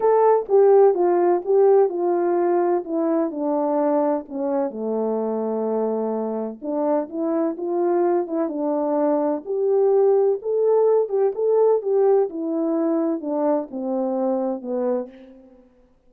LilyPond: \new Staff \with { instrumentName = "horn" } { \time 4/4 \tempo 4 = 127 a'4 g'4 f'4 g'4 | f'2 e'4 d'4~ | d'4 cis'4 a2~ | a2 d'4 e'4 |
f'4. e'8 d'2 | g'2 a'4. g'8 | a'4 g'4 e'2 | d'4 c'2 b4 | }